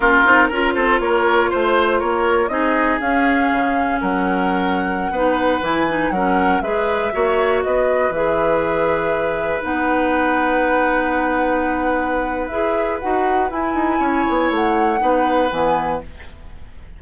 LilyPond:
<<
  \new Staff \with { instrumentName = "flute" } { \time 4/4 \tempo 4 = 120 ais'4. c''8 cis''4 c''4 | cis''4 dis''4 f''2 | fis''2.~ fis''16 gis''8.~ | gis''16 fis''4 e''2 dis''8.~ |
dis''16 e''2. fis''8.~ | fis''1~ | fis''4 e''4 fis''4 gis''4~ | gis''4 fis''2 gis''4 | }
  \new Staff \with { instrumentName = "oboe" } { \time 4/4 f'4 ais'8 a'8 ais'4 c''4 | ais'4 gis'2. | ais'2~ ais'16 b'4.~ b'16~ | b'16 ais'4 b'4 cis''4 b'8.~ |
b'1~ | b'1~ | b'1 | cis''2 b'2 | }
  \new Staff \with { instrumentName = "clarinet" } { \time 4/4 cis'8 dis'8 f'2.~ | f'4 dis'4 cis'2~ | cis'2~ cis'16 dis'4 e'8 dis'16~ | dis'16 cis'4 gis'4 fis'4.~ fis'16~ |
fis'16 gis'2. dis'8.~ | dis'1~ | dis'4 gis'4 fis'4 e'4~ | e'2 dis'4 b4 | }
  \new Staff \with { instrumentName = "bassoon" } { \time 4/4 ais8 c'8 cis'8 c'8 ais4 a4 | ais4 c'4 cis'4 cis4 | fis2~ fis16 b4 e8.~ | e16 fis4 gis4 ais4 b8.~ |
b16 e2. b8.~ | b1~ | b4 e'4 dis'4 e'8 dis'8 | cis'8 b8 a4 b4 e4 | }
>>